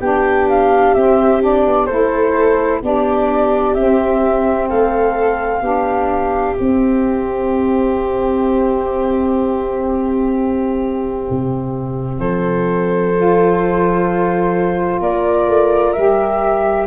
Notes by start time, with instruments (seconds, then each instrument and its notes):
0.00 tuba B3, saxophone D4, viola G4, flute G5
0.49 flute F5
0.94 tuba C4, saxophone C4, flute E5
1.41 saxophone D4, flute D5
1.66 tuba B3
1.86 tuba A3, saxophone E4, viola A4, flute C5
2.82 tuba B3, saxophone D4, viola G4, flute D5
3.74 tuba C4, saxophone C4, flute E5
4.69 tuba A3, viola A4, flute F5
5.61 tuba B3, saxophone D4, viola G4
6.57 saxophone C4, tuba C4, flute E5
11.30 tuba C3
12.19 tuba F3, viola A4, flute C5
13.15 saxophone F4
15.00 tuba A#3, viola A#4, flute D5
15.47 tuba A3
15.93 tuba G3, saxophone G4, flute E5